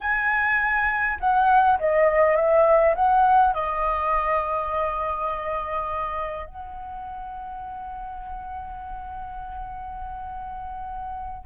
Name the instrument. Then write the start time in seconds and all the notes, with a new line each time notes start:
flute
0.01 G#5
1.20 F#5
1.79 D#5
2.36 E5
2.95 F#5
3.54 D#5
6.46 F#5